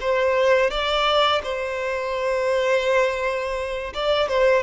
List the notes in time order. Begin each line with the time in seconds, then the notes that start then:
0.00 C5
0.70 D5
1.43 C5
3.94 D5
4.28 C5